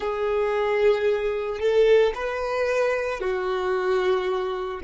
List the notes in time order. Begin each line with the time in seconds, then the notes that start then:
0.00 G#4
1.59 A4
2.14 B4
3.20 F#4